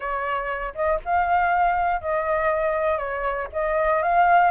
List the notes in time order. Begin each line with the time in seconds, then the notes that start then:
0.00 C#5
0.74 D#5
1.04 F5
2.01 D#5
2.98 C#5
3.52 D#5
4.02 F5